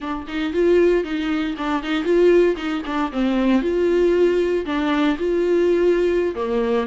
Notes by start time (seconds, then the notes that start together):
0.00 D4
0.27 D#4
0.53 F4
1.04 D#4
1.57 D4
1.82 D#4
2.03 F4
2.56 D#4
2.85 D4
3.12 C4
3.61 F4
4.65 D4
5.18 F4
6.35 A#3